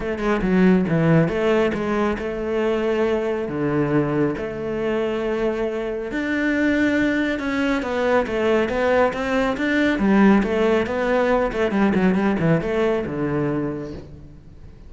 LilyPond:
\new Staff \with { instrumentName = "cello" } { \time 4/4 \tempo 4 = 138 a8 gis8 fis4 e4 a4 | gis4 a2. | d2 a2~ | a2 d'2~ |
d'4 cis'4 b4 a4 | b4 c'4 d'4 g4 | a4 b4. a8 g8 fis8 | g8 e8 a4 d2 | }